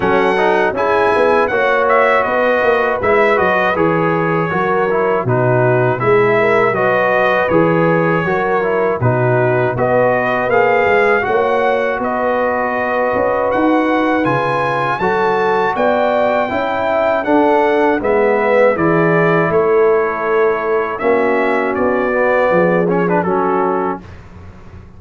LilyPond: <<
  \new Staff \with { instrumentName = "trumpet" } { \time 4/4 \tempo 4 = 80 fis''4 gis''4 fis''8 e''8 dis''4 | e''8 dis''8 cis''2 b'4 | e''4 dis''4 cis''2 | b'4 dis''4 f''4 fis''4 |
dis''2 fis''4 gis''4 | a''4 g''2 fis''4 | e''4 d''4 cis''2 | e''4 d''4. cis''16 b'16 a'4 | }
  \new Staff \with { instrumentName = "horn" } { \time 4/4 a'4 gis'4 cis''4 b'4~ | b'2 ais'4 fis'4 | gis'8 ais'8 b'2 ais'4 | fis'4 b'2 cis''4 |
b'1 | a'4 d''4 e''4 a'4 | b'4 gis'4 a'2 | fis'2 gis'4 fis'4 | }
  \new Staff \with { instrumentName = "trombone" } { \time 4/4 cis'8 dis'8 e'4 fis'2 | e'8 fis'8 gis'4 fis'8 e'8 dis'4 | e'4 fis'4 gis'4 fis'8 e'8 | dis'4 fis'4 gis'4 fis'4~ |
fis'2. f'4 | fis'2 e'4 d'4 | b4 e'2. | cis'4. b4 cis'16 d'16 cis'4 | }
  \new Staff \with { instrumentName = "tuba" } { \time 4/4 fis4 cis'8 b8 ais4 b8 ais8 | gis8 fis8 e4 fis4 b,4 | gis4 fis4 e4 fis4 | b,4 b4 ais8 gis8 ais4 |
b4. cis'8 dis'4 cis4 | fis4 b4 cis'4 d'4 | gis4 e4 a2 | ais4 b4 f4 fis4 | }
>>